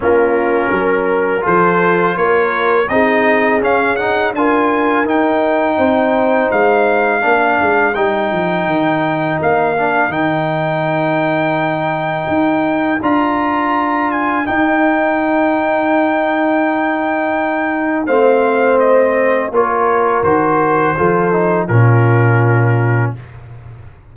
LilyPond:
<<
  \new Staff \with { instrumentName = "trumpet" } { \time 4/4 \tempo 4 = 83 ais'2 c''4 cis''4 | dis''4 f''8 fis''8 gis''4 g''4~ | g''4 f''2 g''4~ | g''4 f''4 g''2~ |
g''2 ais''4. gis''8 | g''1~ | g''4 f''4 dis''4 cis''4 | c''2 ais'2 | }
  \new Staff \with { instrumentName = "horn" } { \time 4/4 f'4 ais'4 a'4 ais'4 | gis'2 ais'2 | c''2 ais'2~ | ais'1~ |
ais'1~ | ais'1~ | ais'4 c''2 ais'4~ | ais'4 a'4 f'2 | }
  \new Staff \with { instrumentName = "trombone" } { \time 4/4 cis'2 f'2 | dis'4 cis'8 dis'8 f'4 dis'4~ | dis'2 d'4 dis'4~ | dis'4. d'8 dis'2~ |
dis'2 f'2 | dis'1~ | dis'4 c'2 f'4 | fis'4 f'8 dis'8 cis'2 | }
  \new Staff \with { instrumentName = "tuba" } { \time 4/4 ais4 fis4 f4 ais4 | c'4 cis'4 d'4 dis'4 | c'4 gis4 ais8 gis8 g8 f8 | dis4 ais4 dis2~ |
dis4 dis'4 d'2 | dis'1~ | dis'4 a2 ais4 | dis4 f4 ais,2 | }
>>